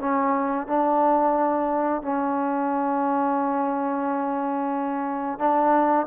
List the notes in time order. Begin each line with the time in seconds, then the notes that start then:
0.00 C#4
0.67 D4
2.02 C#4
5.39 D4